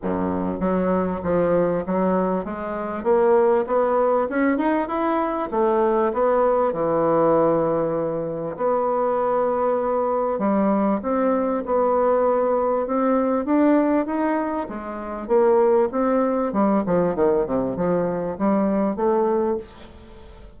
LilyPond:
\new Staff \with { instrumentName = "bassoon" } { \time 4/4 \tempo 4 = 98 fis,4 fis4 f4 fis4 | gis4 ais4 b4 cis'8 dis'8 | e'4 a4 b4 e4~ | e2 b2~ |
b4 g4 c'4 b4~ | b4 c'4 d'4 dis'4 | gis4 ais4 c'4 g8 f8 | dis8 c8 f4 g4 a4 | }